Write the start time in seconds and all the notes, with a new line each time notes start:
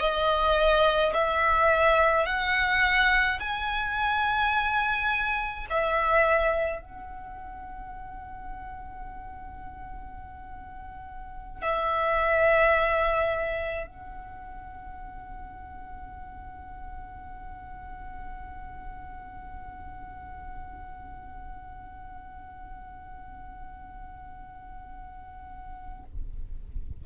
0.00 D#5
1.13 E5
2.25 F#5
3.40 G#5
5.70 E5
6.81 F#5
11.62 E5
13.86 F#5